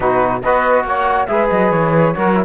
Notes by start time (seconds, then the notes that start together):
0.00 B2 D#4 F#4 B4
0.42 B3 F#4 B4 D#5
0.83 A#3 C#5 F#5
1.26 G#3 G#4 B4 E5
1.49 F#3 D#5
1.71 E3 C#5
2.14 F#3 F#4 A#4
2.35 E4